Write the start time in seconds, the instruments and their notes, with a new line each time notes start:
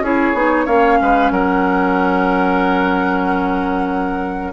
0.00 bassoon C#4, clarinet E4, oboe G#4, flute C#5
0.34 bassoon B3, clarinet D#4
0.66 bassoon A#3, clarinet C#4, oboe C#5, flute F5
1.01 bassoon G#3, oboe B4
1.31 bassoon F#3, oboe A#4, flute F#5